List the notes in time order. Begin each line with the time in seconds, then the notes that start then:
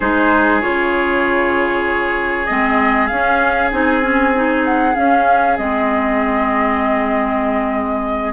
0.00 G#3 D#4 G#4 C5
0.60 C#3 F4 C#5
2.46 G#3 C4 D#5
3.07 C#4 F5
3.71 C4 D#4 G#5
4.01 C#4
4.35 D#4
4.64 F#5
4.94 C#4 F5
5.57 G#3 C4 D#5